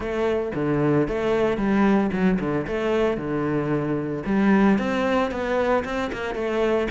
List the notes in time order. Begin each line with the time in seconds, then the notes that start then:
0.00 A3
0.55 D3
1.08 A3
1.57 G3
2.12 F#3
2.39 D3
2.67 A3
3.17 D3
4.25 G3
4.78 C4
5.31 B3
5.84 C4
6.12 A#3
6.34 A3